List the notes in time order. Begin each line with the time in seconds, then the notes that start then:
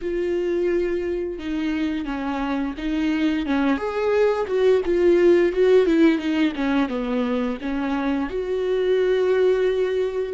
0.01 F4
1.39 D#4
2.05 C#4
2.77 D#4
3.45 C#4
3.77 G#4
4.47 F#4
4.85 F4
5.52 F#4
5.86 E4
6.18 D#4
6.55 C#4
6.88 B3
7.61 C#4
8.29 F#4